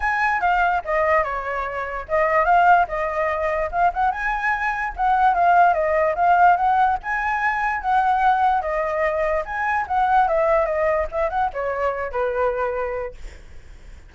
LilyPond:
\new Staff \with { instrumentName = "flute" } { \time 4/4 \tempo 4 = 146 gis''4 f''4 dis''4 cis''4~ | cis''4 dis''4 f''4 dis''4~ | dis''4 f''8 fis''8 gis''2 | fis''4 f''4 dis''4 f''4 |
fis''4 gis''2 fis''4~ | fis''4 dis''2 gis''4 | fis''4 e''4 dis''4 e''8 fis''8 | cis''4. b'2~ b'8 | }